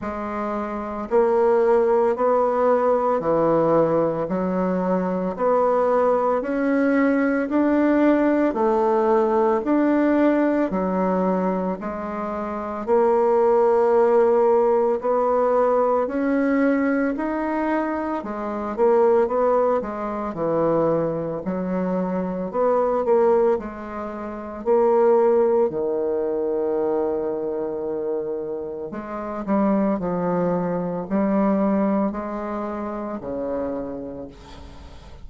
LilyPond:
\new Staff \with { instrumentName = "bassoon" } { \time 4/4 \tempo 4 = 56 gis4 ais4 b4 e4 | fis4 b4 cis'4 d'4 | a4 d'4 fis4 gis4 | ais2 b4 cis'4 |
dis'4 gis8 ais8 b8 gis8 e4 | fis4 b8 ais8 gis4 ais4 | dis2. gis8 g8 | f4 g4 gis4 cis4 | }